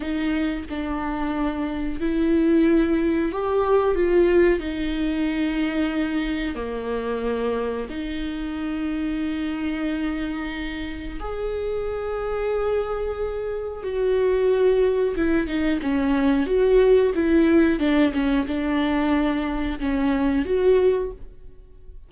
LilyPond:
\new Staff \with { instrumentName = "viola" } { \time 4/4 \tempo 4 = 91 dis'4 d'2 e'4~ | e'4 g'4 f'4 dis'4~ | dis'2 ais2 | dis'1~ |
dis'4 gis'2.~ | gis'4 fis'2 e'8 dis'8 | cis'4 fis'4 e'4 d'8 cis'8 | d'2 cis'4 fis'4 | }